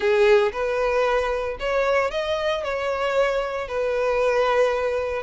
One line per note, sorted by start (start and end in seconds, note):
0.00 0.52 G#4
0.52 1.57 B4
1.59 2.11 C#5
2.11 2.63 D#5
2.63 3.68 C#5
3.68 5.22 B4